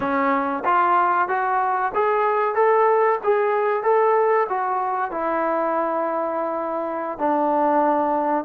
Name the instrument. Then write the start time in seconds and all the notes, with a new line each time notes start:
trombone
0.00 C#4
0.64 F4
1.28 F#4
1.94 G#4
2.54 A4
3.23 G#4
3.83 A4
4.49 F#4
5.11 E4
7.18 D4